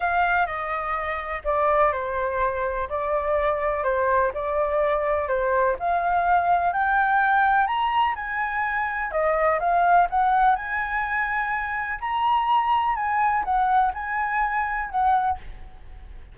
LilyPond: \new Staff \with { instrumentName = "flute" } { \time 4/4 \tempo 4 = 125 f''4 dis''2 d''4 | c''2 d''2 | c''4 d''2 c''4 | f''2 g''2 |
ais''4 gis''2 dis''4 | f''4 fis''4 gis''2~ | gis''4 ais''2 gis''4 | fis''4 gis''2 fis''4 | }